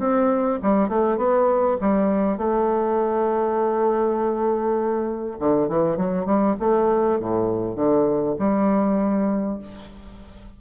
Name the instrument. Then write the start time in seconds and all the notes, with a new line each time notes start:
bassoon
0.00 C4
0.63 G3
0.89 A3
1.18 B3
1.81 G3
2.38 A3
5.39 D3
5.69 E3
5.97 F#3
6.26 G3
6.60 A3
7.20 A2
7.76 D3
8.39 G3